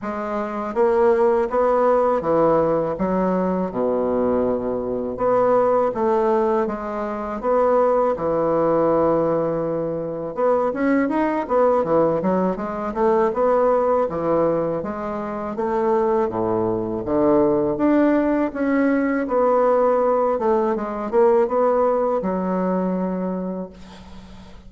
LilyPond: \new Staff \with { instrumentName = "bassoon" } { \time 4/4 \tempo 4 = 81 gis4 ais4 b4 e4 | fis4 b,2 b4 | a4 gis4 b4 e4~ | e2 b8 cis'8 dis'8 b8 |
e8 fis8 gis8 a8 b4 e4 | gis4 a4 a,4 d4 | d'4 cis'4 b4. a8 | gis8 ais8 b4 fis2 | }